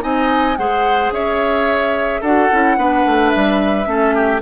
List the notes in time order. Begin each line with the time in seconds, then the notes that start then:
0.00 C4 D#4 D#5 G#5
0.56 G#3 G#4 C5 F#5
1.10 C#4 C#5 E5
2.21 D4 F#4 A4 F#5
2.51 C#4 E4
2.76 B3 D4 B4
3.06 A3
3.29 G3 E5
3.84 A3 C#4 A4
4.15 G4